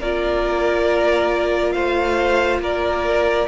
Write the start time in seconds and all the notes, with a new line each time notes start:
0.00 A#3 F4 A#4 D5
1.72 A3 C5 F5
2.60 A#3 A#4 D5